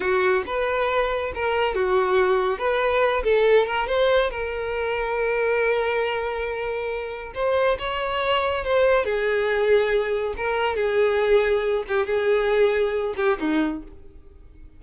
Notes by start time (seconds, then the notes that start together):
0.00 F#4
0.46 B4
1.34 A#4
1.74 F#4
2.58 B4
3.23 A4
3.66 A#4
3.87 C5
4.30 A#4
7.34 C5
7.78 C#5
8.64 C5
9.04 G#4
10.37 A#4
10.76 G#4
11.88 G4
12.06 G#4
13.16 G4
13.39 D#4